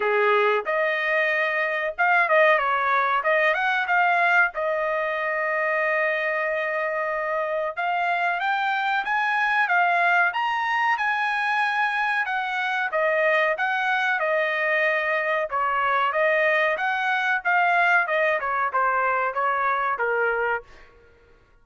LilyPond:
\new Staff \with { instrumentName = "trumpet" } { \time 4/4 \tempo 4 = 93 gis'4 dis''2 f''8 dis''8 | cis''4 dis''8 fis''8 f''4 dis''4~ | dis''1 | f''4 g''4 gis''4 f''4 |
ais''4 gis''2 fis''4 | dis''4 fis''4 dis''2 | cis''4 dis''4 fis''4 f''4 | dis''8 cis''8 c''4 cis''4 ais'4 | }